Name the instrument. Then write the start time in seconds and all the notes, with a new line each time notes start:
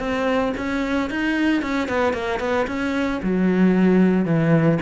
cello
0.00 C4
0.57 C#4
1.10 D#4
1.62 C#4
1.89 B3
2.14 A#3
2.40 B3
2.67 C#4
3.23 F#3
4.26 E3